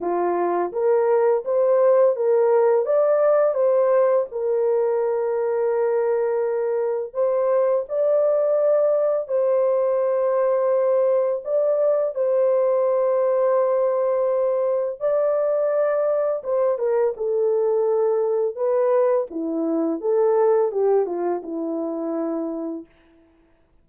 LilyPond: \new Staff \with { instrumentName = "horn" } { \time 4/4 \tempo 4 = 84 f'4 ais'4 c''4 ais'4 | d''4 c''4 ais'2~ | ais'2 c''4 d''4~ | d''4 c''2. |
d''4 c''2.~ | c''4 d''2 c''8 ais'8 | a'2 b'4 e'4 | a'4 g'8 f'8 e'2 | }